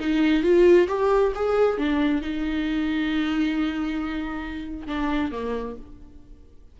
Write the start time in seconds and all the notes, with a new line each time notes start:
0.00 D#4
0.43 F4
0.88 G4
1.35 G#4
1.78 D4
2.22 D#4
4.87 D4
5.32 A#3